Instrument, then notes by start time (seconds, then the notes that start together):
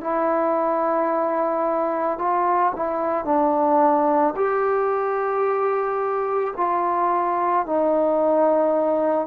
trombone
0.00 E4
2.18 F4
2.76 E4
3.24 D4
4.36 G4
6.57 F4
7.66 D#4